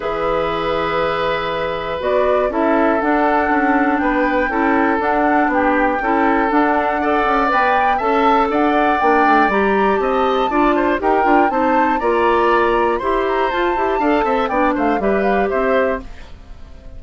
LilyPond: <<
  \new Staff \with { instrumentName = "flute" } { \time 4/4 \tempo 4 = 120 e''1 | d''4 e''4 fis''2 | g''2 fis''4 g''4~ | g''4 fis''2 g''4 |
a''4 fis''4 g''4 ais''4 | a''2 g''4 a''4 | ais''2 c'''8 ais''8 a''4~ | a''4 g''8 f''8 e''8 f''8 e''4 | }
  \new Staff \with { instrumentName = "oboe" } { \time 4/4 b'1~ | b'4 a'2. | b'4 a'2 g'4 | a'2 d''2 |
e''4 d''2. | dis''4 d''8 c''8 ais'4 c''4 | d''2 c''2 | f''8 e''8 d''8 c''8 b'4 c''4 | }
  \new Staff \with { instrumentName = "clarinet" } { \time 4/4 gis'1 | fis'4 e'4 d'2~ | d'4 e'4 d'2 | e'4 d'4 a'4 b'4 |
a'2 d'4 g'4~ | g'4 f'4 g'8 f'8 dis'4 | f'2 g'4 f'8 g'8 | a'4 d'4 g'2 | }
  \new Staff \with { instrumentName = "bassoon" } { \time 4/4 e1 | b4 cis'4 d'4 cis'4 | b4 cis'4 d'4 b4 | cis'4 d'4. cis'8 b4 |
cis'4 d'4 ais8 a8 g4 | c'4 d'4 dis'8 d'8 c'4 | ais2 e'4 f'8 e'8 | d'8 c'8 b8 a8 g4 c'4 | }
>>